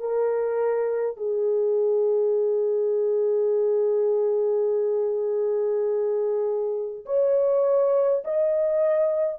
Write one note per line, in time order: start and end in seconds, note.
0.00 1.17 A#4
1.17 7.05 G#4
7.06 8.24 C#5
8.25 9.39 D#5